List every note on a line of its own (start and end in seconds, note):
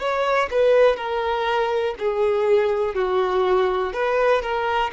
0.00 0.49 C#5
0.51 0.97 B4
0.97 1.95 A#4
1.99 2.95 G#4
2.95 3.93 F#4
3.93 4.42 B4
4.42 4.91 A#4